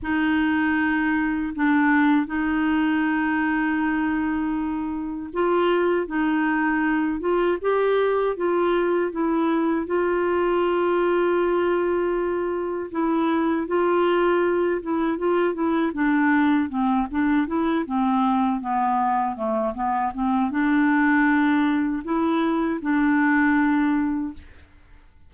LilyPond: \new Staff \with { instrumentName = "clarinet" } { \time 4/4 \tempo 4 = 79 dis'2 d'4 dis'4~ | dis'2. f'4 | dis'4. f'8 g'4 f'4 | e'4 f'2.~ |
f'4 e'4 f'4. e'8 | f'8 e'8 d'4 c'8 d'8 e'8 c'8~ | c'8 b4 a8 b8 c'8 d'4~ | d'4 e'4 d'2 | }